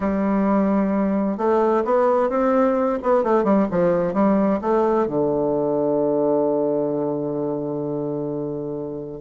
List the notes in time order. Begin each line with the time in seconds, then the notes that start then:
0.00 G3
1.37 A3
1.84 B3
2.29 C4
3.03 B3
3.23 A3
3.44 G3
3.70 F3
4.13 G3
4.61 A3
5.07 D3